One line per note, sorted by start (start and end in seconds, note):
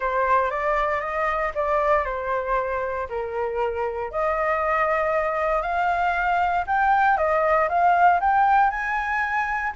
0.00 0.50 C5
0.50 1.00 D5
1.00 1.52 D#5
1.54 2.04 D5
2.04 3.07 C5
3.09 4.11 A#4
4.11 5.62 D#5
5.62 6.64 F5
6.67 7.17 G5
7.17 7.68 D#5
7.68 8.20 F5
8.20 8.70 G5
8.70 9.72 G#5